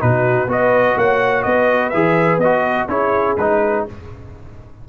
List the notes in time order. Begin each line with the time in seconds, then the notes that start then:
0.00 B2 D#4 F#4 B4
0.47 B3 F#4 B4 D#5
0.97 A#3 C#5 F#5
1.43 B3 D#5
1.49 B4
1.90 E3 G#4 E5
2.38 B3 D#5
2.44 F#4
2.88 C#4 E4 G#4 C#5
3.37 G#3 D#4 B4